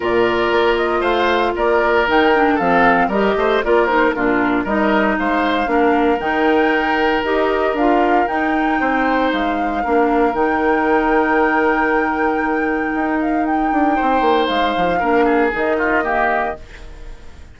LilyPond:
<<
  \new Staff \with { instrumentName = "flute" } { \time 4/4 \tempo 4 = 116 d''4. dis''8 f''4 d''4 | g''4 f''4 dis''4 d''8 c''8 | ais'4 dis''4 f''2 | g''2 dis''4 f''4 |
g''2 f''2 | g''1~ | g''4. f''8 g''2 | f''2 dis''2 | }
  \new Staff \with { instrumentName = "oboe" } { \time 4/4 ais'2 c''4 ais'4~ | ais'4 a'4 ais'8 c''8 ais'4 | f'4 ais'4 c''4 ais'4~ | ais'1~ |
ais'4 c''2 ais'4~ | ais'1~ | ais'2. c''4~ | c''4 ais'8 gis'4 f'8 g'4 | }
  \new Staff \with { instrumentName = "clarinet" } { \time 4/4 f'1 | dis'8 d'8 c'4 g'4 f'8 dis'8 | d'4 dis'2 d'4 | dis'2 g'4 f'4 |
dis'2. d'4 | dis'1~ | dis'1~ | dis'4 d'4 dis'4 ais4 | }
  \new Staff \with { instrumentName = "bassoon" } { \time 4/4 ais,4 ais4 a4 ais4 | dis4 f4 g8 a8 ais4 | ais,4 g4 gis4 ais4 | dis2 dis'4 d'4 |
dis'4 c'4 gis4 ais4 | dis1~ | dis4 dis'4. d'8 c'8 ais8 | gis8 f8 ais4 dis2 | }
>>